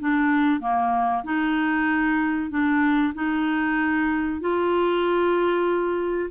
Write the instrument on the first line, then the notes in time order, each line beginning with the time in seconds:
clarinet
0.00 D4
0.61 A#3
1.24 D#4
2.51 D4
3.15 D#4
4.41 F4